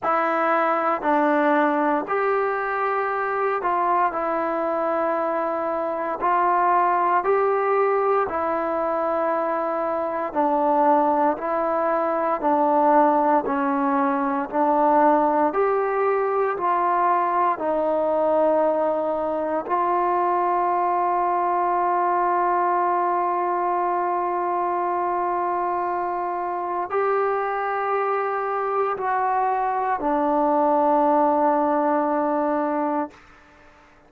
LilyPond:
\new Staff \with { instrumentName = "trombone" } { \time 4/4 \tempo 4 = 58 e'4 d'4 g'4. f'8 | e'2 f'4 g'4 | e'2 d'4 e'4 | d'4 cis'4 d'4 g'4 |
f'4 dis'2 f'4~ | f'1~ | f'2 g'2 | fis'4 d'2. | }